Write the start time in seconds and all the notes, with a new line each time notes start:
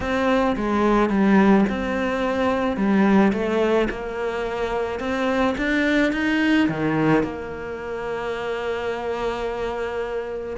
0.00 C4
0.56 G#3
1.09 G3
1.69 C4
2.77 G3
3.33 A3
3.89 A#3
4.99 C4
5.57 D4
6.12 D#4
6.68 D#3
7.23 A#3